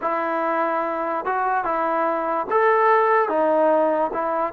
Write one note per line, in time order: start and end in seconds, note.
0.01 1.25 E4
1.25 1.64 F#4
1.64 2.46 E4
2.50 3.28 A4
3.28 4.11 D#4
4.13 4.53 E4